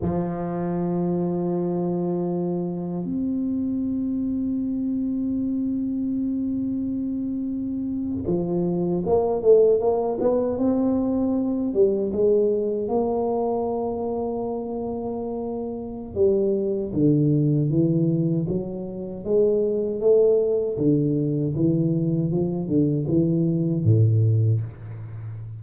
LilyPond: \new Staff \with { instrumentName = "tuba" } { \time 4/4 \tempo 4 = 78 f1 | c'1~ | c'2~ c'8. f4 ais16~ | ais16 a8 ais8 b8 c'4. g8 gis16~ |
gis8. ais2.~ ais16~ | ais4 g4 d4 e4 | fis4 gis4 a4 d4 | e4 f8 d8 e4 a,4 | }